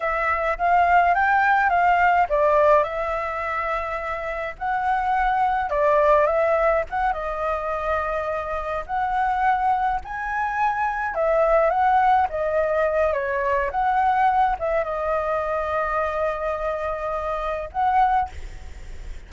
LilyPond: \new Staff \with { instrumentName = "flute" } { \time 4/4 \tempo 4 = 105 e''4 f''4 g''4 f''4 | d''4 e''2. | fis''2 d''4 e''4 | fis''8 dis''2. fis''8~ |
fis''4. gis''2 e''8~ | e''8 fis''4 dis''4. cis''4 | fis''4. e''8 dis''2~ | dis''2. fis''4 | }